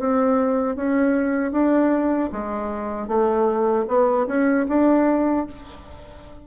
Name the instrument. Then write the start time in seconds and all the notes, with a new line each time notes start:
bassoon
0.00 C4
0.76 C#4
1.52 D4
2.32 G#3
3.08 A3
3.88 B3
4.28 C#4
4.69 D4